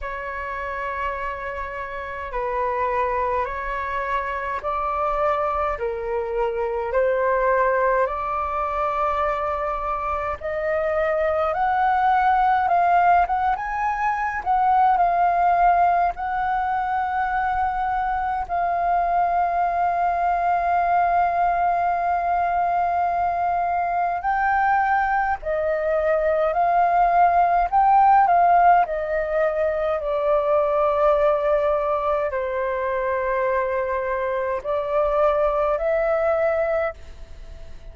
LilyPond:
\new Staff \with { instrumentName = "flute" } { \time 4/4 \tempo 4 = 52 cis''2 b'4 cis''4 | d''4 ais'4 c''4 d''4~ | d''4 dis''4 fis''4 f''8 fis''16 gis''16~ | gis''8 fis''8 f''4 fis''2 |
f''1~ | f''4 g''4 dis''4 f''4 | g''8 f''8 dis''4 d''2 | c''2 d''4 e''4 | }